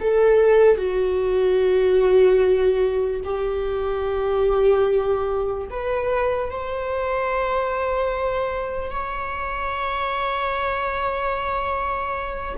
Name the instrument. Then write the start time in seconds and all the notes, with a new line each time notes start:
viola
0.00 A4
0.77 F#4
3.24 G4
5.70 B4
6.50 C5
8.90 C#5